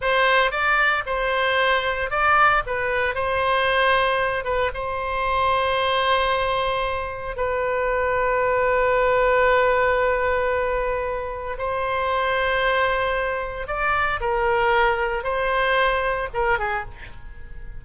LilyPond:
\new Staff \with { instrumentName = "oboe" } { \time 4/4 \tempo 4 = 114 c''4 d''4 c''2 | d''4 b'4 c''2~ | c''8 b'8 c''2.~ | c''2 b'2~ |
b'1~ | b'2 c''2~ | c''2 d''4 ais'4~ | ais'4 c''2 ais'8 gis'8 | }